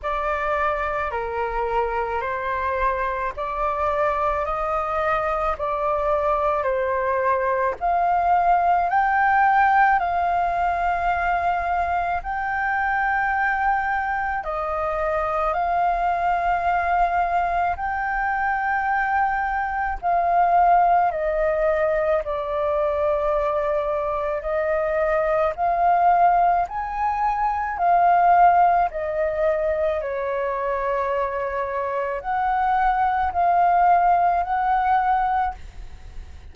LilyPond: \new Staff \with { instrumentName = "flute" } { \time 4/4 \tempo 4 = 54 d''4 ais'4 c''4 d''4 | dis''4 d''4 c''4 f''4 | g''4 f''2 g''4~ | g''4 dis''4 f''2 |
g''2 f''4 dis''4 | d''2 dis''4 f''4 | gis''4 f''4 dis''4 cis''4~ | cis''4 fis''4 f''4 fis''4 | }